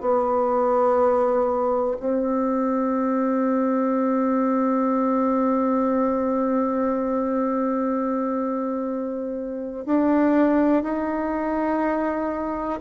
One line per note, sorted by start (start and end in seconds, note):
0.00 1.97 B3
1.99 9.85 C4
9.85 10.83 D4
10.83 12.80 D#4